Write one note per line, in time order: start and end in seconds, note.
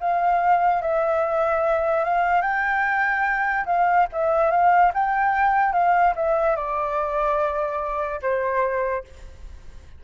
0.00 0.81 F5
0.81 2.04 E5
2.04 2.41 F5
2.41 3.64 G5
3.65 4.06 F5
4.12 4.51 E5
4.51 4.92 F5
4.94 5.72 G5
5.72 6.13 F5
6.15 6.56 E5
6.56 8.20 D5
8.22 9.04 C5